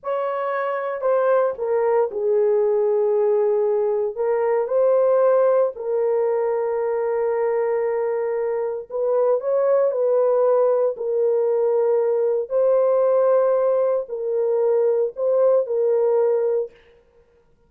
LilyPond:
\new Staff \with { instrumentName = "horn" } { \time 4/4 \tempo 4 = 115 cis''2 c''4 ais'4 | gis'1 | ais'4 c''2 ais'4~ | ais'1~ |
ais'4 b'4 cis''4 b'4~ | b'4 ais'2. | c''2. ais'4~ | ais'4 c''4 ais'2 | }